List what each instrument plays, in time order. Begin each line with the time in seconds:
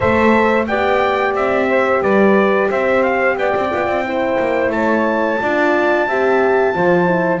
0.00 double bass A3, horn A4, saxophone C5, trumpet E5
0.67 double bass B3, horn G4, saxophone D5, trumpet G5
1.33 double bass C4, trumpet E5
1.69 saxophone C5
2.01 double bass G3, saxophone B4, trumpet D5
2.69 double bass C4, saxophone C5, trumpet E5
3.02 trumpet F5
3.37 double bass B3, saxophone D5, trumpet G5
3.55 double bass C4
3.71 double bass B3, horn F4
3.86 double bass C4
4.04 horn E4, saxophone C5
4.39 double bass A#3
4.69 double bass A3, saxophone C#5, trumpet A5
5.40 double bass D4, horn F4, saxophone D5
6.07 double bass C4, horn G4, saxophone E5
6.74 double bass F3, horn F4, saxophone C5
7.05 horn E4